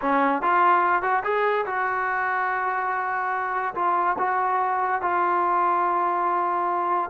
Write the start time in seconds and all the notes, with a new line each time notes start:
0.01 C#4
0.41 F4
1.02 F#4
1.23 G#4
1.66 F#4
3.74 F4
4.18 F#4
5.01 F4